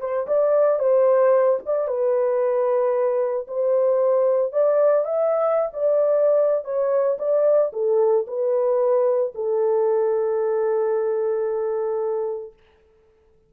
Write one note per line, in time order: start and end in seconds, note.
0.00 0.27 C5
0.27 0.79 D5
0.79 1.59 C5
1.66 1.87 D5
1.87 3.47 B4
3.47 4.52 C5
4.52 5.05 D5
5.05 5.71 E5
5.73 6.64 D5
6.64 7.17 C#5
7.18 7.71 D5
7.73 8.26 A4
8.27 9.33 B4
9.35 12.53 A4